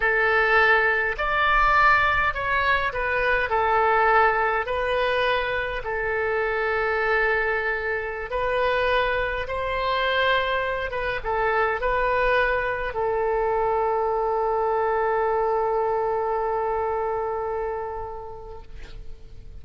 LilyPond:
\new Staff \with { instrumentName = "oboe" } { \time 4/4 \tempo 4 = 103 a'2 d''2 | cis''4 b'4 a'2 | b'2 a'2~ | a'2~ a'16 b'4.~ b'16~ |
b'16 c''2~ c''8 b'8 a'8.~ | a'16 b'2 a'4.~ a'16~ | a'1~ | a'1 | }